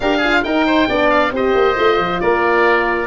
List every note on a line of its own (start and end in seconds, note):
0.00 0.43 D4
0.00 0.23 G4
0.00 0.17 A#4
0.00 0.43 F5
0.17 0.45 F4
0.17 0.39 G#4
0.43 0.87 D#4
0.43 0.88 D#4
0.43 0.66 A#4
0.43 1.10 G5
0.66 0.88 C5
0.88 1.31 B3
0.88 1.32 D4
0.88 1.32 D5
1.10 1.32 F5
1.31 1.53 C4
1.31 1.75 G4
1.31 2.22 C5
1.31 2.20 D#5
1.54 1.76 A#3
1.75 1.98 A3
1.75 3.07 F4
1.98 2.20 F3
2.20 3.07 A#3
2.20 3.07 A#4
2.20 3.07 D5